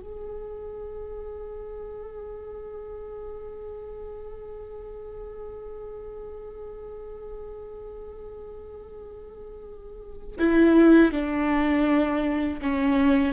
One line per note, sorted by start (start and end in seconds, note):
0.00 10.37 G#4
10.39 11.12 E4
11.12 12.60 D4
12.62 13.33 C#4